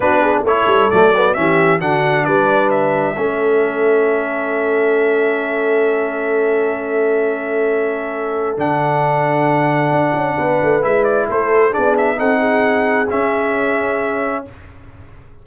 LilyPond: <<
  \new Staff \with { instrumentName = "trumpet" } { \time 4/4 \tempo 4 = 133 b'4 cis''4 d''4 e''4 | fis''4 d''4 e''2~ | e''1~ | e''1~ |
e''2. fis''4~ | fis''1 | e''8 d''8 c''4 d''8 e''8 fis''4~ | fis''4 e''2. | }
  \new Staff \with { instrumentName = "horn" } { \time 4/4 fis'8 gis'8 a'2 g'4 | fis'4 b'2 a'4~ | a'1~ | a'1~ |
a'1~ | a'2. b'4~ | b'4 a'4 gis'4 a'8 gis'8~ | gis'1 | }
  \new Staff \with { instrumentName = "trombone" } { \time 4/4 d'4 e'4 a8 b8 cis'4 | d'2. cis'4~ | cis'1~ | cis'1~ |
cis'2. d'4~ | d'1 | e'2 d'4 dis'4~ | dis'4 cis'2. | }
  \new Staff \with { instrumentName = "tuba" } { \time 4/4 b4 a8 g8 fis4 e4 | d4 g2 a4~ | a1~ | a1~ |
a2. d4~ | d2 d'8 cis'8 b8 a8 | gis4 a4 b4 c'4~ | c'4 cis'2. | }
>>